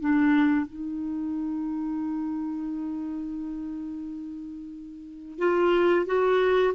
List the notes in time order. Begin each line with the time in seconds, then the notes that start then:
0.00 D4
0.66 D#4
5.38 F4
6.06 F#4